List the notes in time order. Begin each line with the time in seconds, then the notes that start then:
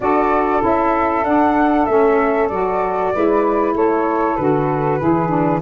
0.00 D4 F#4 A4 D5
0.60 C#4 E4 E5
1.23 D4 F#5
1.85 A3 C#4 E5
2.48 F#3 F#4 D5
3.13 G#3 E4 B4
3.74 A3 A4 C#5
4.35 D3 F#4 B4
4.98 E3 E4 G#4
5.28 D4